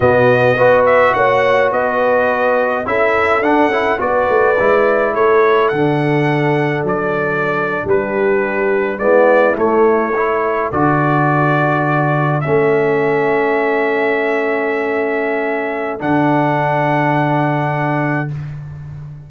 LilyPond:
<<
  \new Staff \with { instrumentName = "trumpet" } { \time 4/4 \tempo 4 = 105 dis''4. e''8 fis''4 dis''4~ | dis''4 e''4 fis''4 d''4~ | d''4 cis''4 fis''2 | d''4.~ d''16 b'2 d''16~ |
d''8. cis''2 d''4~ d''16~ | d''4.~ d''16 e''2~ e''16~ | e''1 | fis''1 | }
  \new Staff \with { instrumentName = "horn" } { \time 4/4 fis'4 b'4 cis''4 b'4~ | b'4 a'2 b'4~ | b'4 a'2.~ | a'4.~ a'16 g'2 e'16~ |
e'4.~ e'16 a'2~ a'16~ | a'1~ | a'1~ | a'1 | }
  \new Staff \with { instrumentName = "trombone" } { \time 4/4 b4 fis'2.~ | fis'4 e'4 d'8 e'8 fis'4 | e'2 d'2~ | d'2.~ d'8. b16~ |
b8. a4 e'4 fis'4~ fis'16~ | fis'4.~ fis'16 cis'2~ cis'16~ | cis'1 | d'1 | }
  \new Staff \with { instrumentName = "tuba" } { \time 4/4 b,4 b4 ais4 b4~ | b4 cis'4 d'8 cis'8 b8 a8 | gis4 a4 d2 | fis4.~ fis16 g2 gis16~ |
gis8. a2 d4~ d16~ | d4.~ d16 a2~ a16~ | a1 | d1 | }
>>